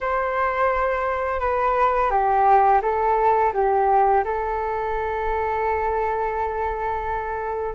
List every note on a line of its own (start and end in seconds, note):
0.00 1.40 C5
1.40 2.10 B4
2.10 2.80 G4
2.81 3.52 A4
3.53 4.24 G4
4.24 7.75 A4